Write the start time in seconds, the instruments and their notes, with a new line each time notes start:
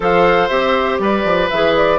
0.00 bassoon F3, clarinet A4, oboe C5, flute F5
0.48 bassoon C4, clarinet G4, flute E5
0.99 bassoon G3, oboe B4, flute D5
1.24 bassoon F3
1.49 bassoon E3, clarinet G#4, flute E5
1.76 flute D5